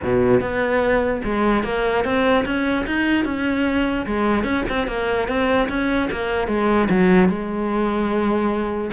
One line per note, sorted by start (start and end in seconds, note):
0.03 0.40 B2
0.40 1.21 B3
1.24 1.63 G#3
1.63 2.04 A#3
2.04 2.45 C4
2.45 2.85 C#4
2.86 3.25 D#4
3.25 4.06 C#4
4.06 4.43 G#3
4.43 4.64 C#4
4.69 4.87 C4
4.87 5.28 A#3
5.28 5.68 C4
5.68 6.09 C#4
6.11 6.47 A#3
6.47 6.88 G#3
6.89 7.28 F#3
7.28 8.91 G#3